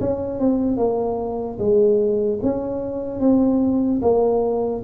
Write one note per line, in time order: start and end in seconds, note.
0.00 0.39 C#4
0.39 0.77 C4
0.77 1.58 A#3
1.58 2.39 G#3
2.43 3.20 C#4
3.20 4.01 C4
4.01 4.82 A#3